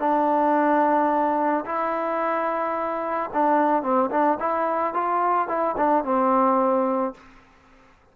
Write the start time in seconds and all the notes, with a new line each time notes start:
0.00 D4
1.66 E4
3.34 D4
3.83 C4
4.11 D4
4.40 E4
4.94 F4
5.48 E4
5.77 D4
6.05 C4